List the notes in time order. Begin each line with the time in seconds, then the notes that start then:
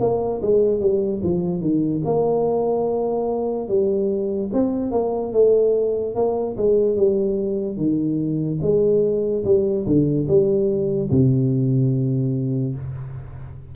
0.00 A#3
0.42 G#3
0.80 G3
1.23 F3
1.61 D#3
2.05 A#3
3.68 G3
4.53 C4
4.92 A#3
5.33 A3
6.15 A#3
6.57 G#3
6.96 G3
7.77 D#3
8.62 G#3
9.44 G3
9.86 D3
10.28 G3
11.11 C3